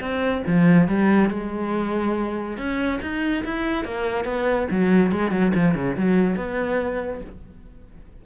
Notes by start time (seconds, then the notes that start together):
0.00 C4
0.47 F3
0.88 G3
1.30 G#3
2.57 C#4
3.02 D#4
3.44 E4
3.85 A#3
4.25 B3
4.71 F#3
5.12 G#3
5.31 F#3
5.55 F3
5.75 C#3
5.97 F#3
6.36 B3